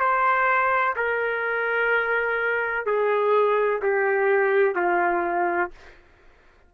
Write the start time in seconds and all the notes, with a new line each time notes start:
0.00 C5
0.96 A#4
2.86 G#4
3.82 G4
4.76 F4